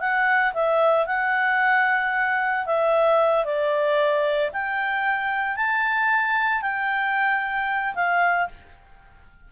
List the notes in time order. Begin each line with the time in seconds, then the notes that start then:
0.00 F#5
0.54 E5
1.07 F#5
2.66 E5
3.45 D5
4.53 G5
5.57 A5
6.62 G5
7.95 F5